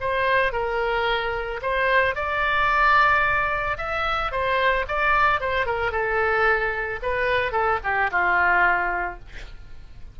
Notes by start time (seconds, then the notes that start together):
0.00 C5
0.52 A#4
1.62 C5
2.15 D5
3.77 E5
4.31 C5
4.88 D5
5.40 C5
5.66 A#4
5.91 A4
7.02 B4
7.52 A4
7.83 G4
8.11 F4